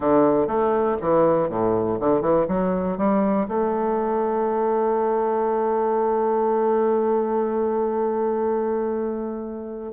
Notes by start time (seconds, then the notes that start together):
0.00 D3
0.47 A3
1.01 E3
1.49 A2
1.99 D3
2.21 E3
2.47 F#3
2.97 G3
3.48 A3